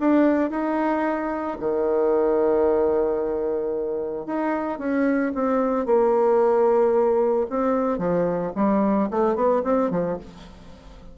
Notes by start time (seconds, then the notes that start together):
0.00 D4
0.50 D#4
1.60 D#3
4.27 D#4
4.79 C#4
5.35 C4
5.86 A#3
7.50 C4
7.98 F3
8.55 G3
9.11 A3
9.36 B3
9.64 C4
9.91 F3